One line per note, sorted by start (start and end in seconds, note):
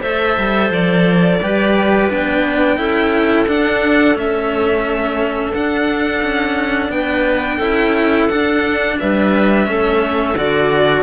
0.00 0.37 A3
0.00 1.39 A4
0.00 1.38 C5
0.00 0.71 E5
0.38 0.70 G3
0.70 1.39 F3
0.70 2.10 D5
1.42 2.10 G3
1.42 2.10 G4
1.42 2.78 B4
2.10 2.78 B3
2.10 2.77 D4
2.10 3.48 G5
2.77 3.47 C#4
2.77 3.46 E4
2.77 6.92 A4
3.48 4.15 D4
3.48 4.17 F#5
4.15 5.52 A3
4.15 5.53 C#4
4.15 5.54 E5
5.52 6.21 D4
5.52 7.61 D4
5.52 6.91 F#5
6.22 6.89 C#4
6.89 7.58 B3
6.89 7.57 B4
6.89 8.28 G5
7.57 8.28 C#4
7.57 8.30 E4
7.57 8.95 A4
8.28 8.98 D4
8.28 9.66 D4
8.28 8.97 F#5
8.99 9.67 G3
8.99 9.69 B4
8.99 10.37 E5
9.66 10.34 A3
9.66 10.35 C#4
9.66 11.02 A4
10.34 11.02 D3
10.34 11.02 F#4
10.34 11.02 D5